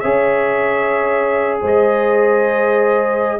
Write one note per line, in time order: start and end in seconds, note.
0.00 1.61 C#4
0.00 3.39 G#4
0.00 1.60 C#5
0.00 1.58 E5
1.61 3.40 G#3
1.61 3.39 C5
1.61 3.40 D#5